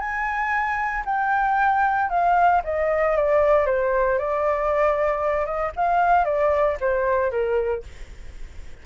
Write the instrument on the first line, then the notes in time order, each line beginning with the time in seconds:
flute
0.00 G#5
1.06 G5
2.10 F5
2.64 D#5
3.17 D5
3.66 C5
4.19 D5
5.46 D#5
5.76 F5
6.25 D5
6.81 C5
7.31 A#4